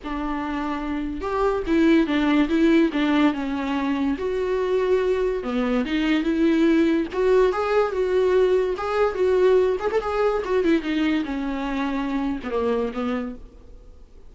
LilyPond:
\new Staff \with { instrumentName = "viola" } { \time 4/4 \tempo 4 = 144 d'2. g'4 | e'4 d'4 e'4 d'4 | cis'2 fis'2~ | fis'4 b4 dis'4 e'4~ |
e'4 fis'4 gis'4 fis'4~ | fis'4 gis'4 fis'4. gis'16 a'16 | gis'4 fis'8 e'8 dis'4 cis'4~ | cis'4.~ cis'16 b16 ais4 b4 | }